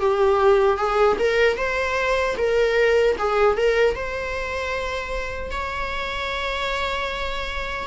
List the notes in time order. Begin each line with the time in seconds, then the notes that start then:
0.00 G4
0.77 G#4
1.18 A#4
1.56 C5
2.37 A#4
3.18 G#4
3.57 A#4
3.94 C5
5.51 C#5